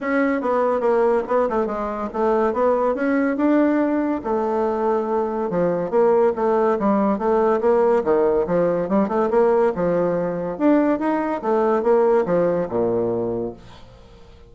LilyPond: \new Staff \with { instrumentName = "bassoon" } { \time 4/4 \tempo 4 = 142 cis'4 b4 ais4 b8 a8 | gis4 a4 b4 cis'4 | d'2 a2~ | a4 f4 ais4 a4 |
g4 a4 ais4 dis4 | f4 g8 a8 ais4 f4~ | f4 d'4 dis'4 a4 | ais4 f4 ais,2 | }